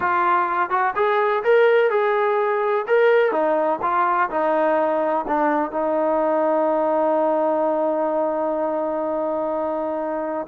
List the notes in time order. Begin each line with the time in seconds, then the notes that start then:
0.00 F4
0.70 F#4
0.95 G#4
1.43 A#4
1.90 G#4
2.87 A#4
3.31 D#4
3.82 F4
4.30 D#4
5.27 D4
5.71 D#4